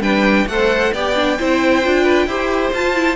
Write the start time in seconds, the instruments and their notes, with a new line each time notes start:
0.00 cello G3, viola D4, violin B4 G5
0.46 cello A3, viola A4, violin C5 F#5
0.93 cello B3, viola G4, violin D5 G5
1.15 viola D4
1.39 cello C4, viola E4, violin C5
1.83 cello D4, viola F4
2.03 violin B4
2.27 cello E4, viola G4, violin C5
2.73 cello F4, viola F4, violin A5
2.94 viola E4